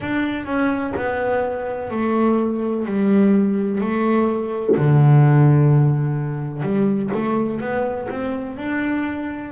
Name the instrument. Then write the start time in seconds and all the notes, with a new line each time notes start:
double bass
0.00 D4
0.45 C#4
0.96 B3
1.90 A3
2.85 G3
3.81 A3
4.76 D3
6.62 G3
7.13 A3
7.60 B3
8.09 C4
8.57 D4